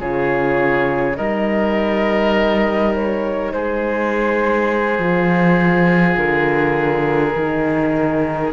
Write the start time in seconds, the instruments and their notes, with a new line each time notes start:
0.00 cello C#3, horn F4, oboe G#4, flute C#5
1.17 cello G3, horn D#4, oboe A#4, flute D#5
2.94 flute C#5
3.53 cello G#3, oboe G#4, flute C5
4.99 cello F3, horn F4
6.17 cello D3, flute A#4
7.36 cello D#3, horn D#4